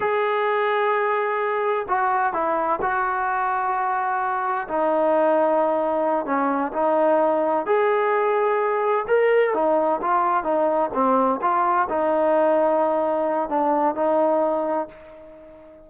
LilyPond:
\new Staff \with { instrumentName = "trombone" } { \time 4/4 \tempo 4 = 129 gis'1 | fis'4 e'4 fis'2~ | fis'2 dis'2~ | dis'4. cis'4 dis'4.~ |
dis'8 gis'2. ais'8~ | ais'8 dis'4 f'4 dis'4 c'8~ | c'8 f'4 dis'2~ dis'8~ | dis'4 d'4 dis'2 | }